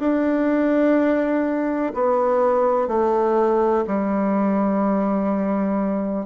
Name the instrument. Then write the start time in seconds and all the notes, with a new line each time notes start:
bassoon
0.00 D4
1.94 B3
2.88 A3
3.87 G3